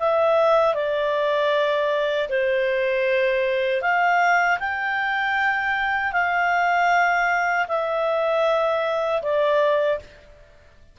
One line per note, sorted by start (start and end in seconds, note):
0.00 0.75 E5
0.75 2.29 D5
2.30 3.82 C5
3.82 4.59 F5
4.60 6.13 G5
6.13 7.66 F5
7.68 9.22 E5
9.23 10.00 D5